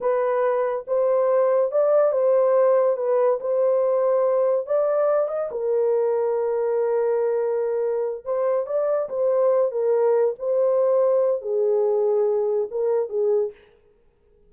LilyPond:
\new Staff \with { instrumentName = "horn" } { \time 4/4 \tempo 4 = 142 b'2 c''2 | d''4 c''2 b'4 | c''2. d''4~ | d''8 dis''8 ais'2.~ |
ais'2.~ ais'8 c''8~ | c''8 d''4 c''4. ais'4~ | ais'8 c''2~ c''8 gis'4~ | gis'2 ais'4 gis'4 | }